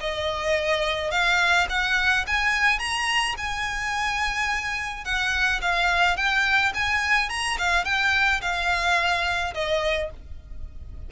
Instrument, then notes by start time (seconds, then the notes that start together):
violin
0.00 D#5
1.11 F5
1.69 F#5
2.27 G#5
2.79 A#5
3.37 G#5
5.04 F#5
5.61 F5
6.16 G5
6.74 G#5
7.29 A#5
7.58 F5
7.85 G5
8.41 F5
9.54 D#5